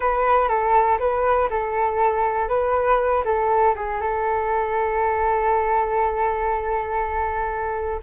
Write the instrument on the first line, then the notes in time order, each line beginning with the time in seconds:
flute
0.00 B4
0.48 A4
0.99 B4
1.50 A4
2.48 B4
3.25 A4
3.75 G#4
4.00 A4